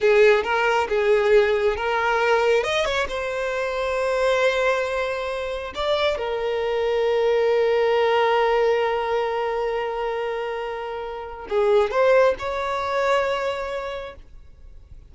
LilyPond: \new Staff \with { instrumentName = "violin" } { \time 4/4 \tempo 4 = 136 gis'4 ais'4 gis'2 | ais'2 dis''8 cis''8 c''4~ | c''1~ | c''4 d''4 ais'2~ |
ais'1~ | ais'1~ | ais'2 gis'4 c''4 | cis''1 | }